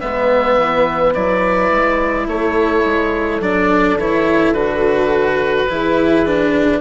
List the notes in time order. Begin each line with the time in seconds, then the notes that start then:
0.00 G#3 B3 B4 E5
0.57 E3
1.14 F#3 E4 D5
1.71 G#3
2.27 A3 A4 C#5
2.85 G#3
3.40 F#3 D4 D5
3.97 E3 E4 C#5
4.52 D3 F#4 B4
5.69 E3 E4 G#4
6.26 D4